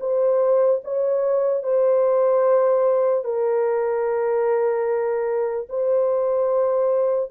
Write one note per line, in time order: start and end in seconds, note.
0.00 0.81 C5
0.84 1.63 C#5
1.63 3.24 C5
3.24 5.68 A#4
5.69 7.30 C5